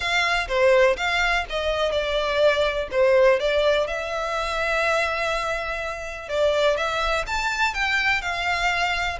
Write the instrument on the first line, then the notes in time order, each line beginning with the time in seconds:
violin
0.00 F5
0.48 C5
0.97 F5
1.49 D#5
1.91 D5
2.91 C5
3.39 D5
3.87 E5
6.28 D5
6.76 E5
7.26 A5
7.74 G5
8.21 F5